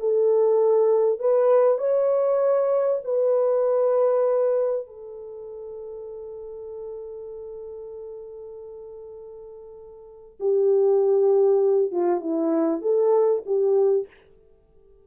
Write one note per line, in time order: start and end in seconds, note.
0.00 1.20 A4
1.20 1.79 B4
1.79 3.01 C#5
3.05 4.87 B4
4.87 10.38 A4
10.40 11.92 G4
11.92 12.21 F4
12.21 12.82 E4
12.82 13.43 A4
13.46 14.07 G4